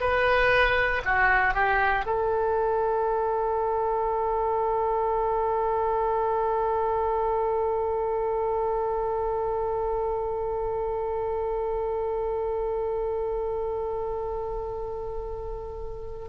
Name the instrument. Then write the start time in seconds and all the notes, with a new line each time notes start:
oboe
0.00 B4
1.04 F#4
1.54 G4
2.06 A4